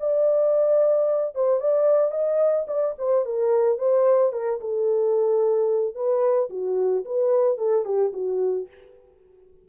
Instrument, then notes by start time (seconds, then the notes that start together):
horn
0.00 D5
1.36 C5
1.60 D5
2.12 D#5
2.68 D5
2.99 C5
3.26 A#4
3.79 C5
4.33 A#4
4.61 A4
5.95 B4
6.50 F#4
7.06 B4
7.58 A4
7.85 G4
8.13 F#4